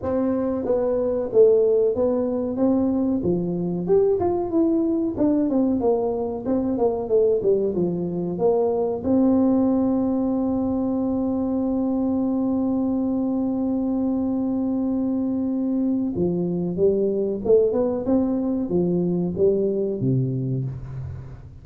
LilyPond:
\new Staff \with { instrumentName = "tuba" } { \time 4/4 \tempo 4 = 93 c'4 b4 a4 b4 | c'4 f4 g'8 f'8 e'4 | d'8 c'8 ais4 c'8 ais8 a8 g8 | f4 ais4 c'2~ |
c'1~ | c'1~ | c'4 f4 g4 a8 b8 | c'4 f4 g4 c4 | }